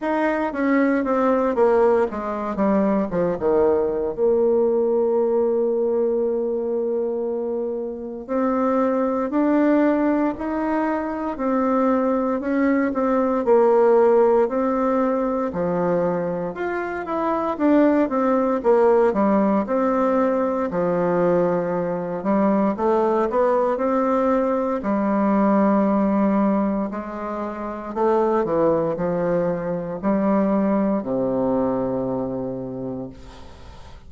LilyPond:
\new Staff \with { instrumentName = "bassoon" } { \time 4/4 \tempo 4 = 58 dis'8 cis'8 c'8 ais8 gis8 g8 f16 dis8. | ais1 | c'4 d'4 dis'4 c'4 | cis'8 c'8 ais4 c'4 f4 |
f'8 e'8 d'8 c'8 ais8 g8 c'4 | f4. g8 a8 b8 c'4 | g2 gis4 a8 e8 | f4 g4 c2 | }